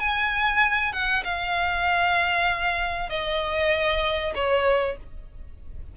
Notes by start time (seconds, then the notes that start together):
0.00 G#5
0.93 F#5
1.24 F5
3.10 D#5
4.35 C#5